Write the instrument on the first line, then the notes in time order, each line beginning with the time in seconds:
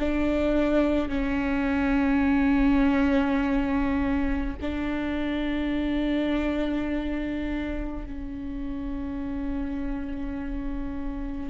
viola
0.00 D4
1.09 C#4
4.62 D4
8.07 C#4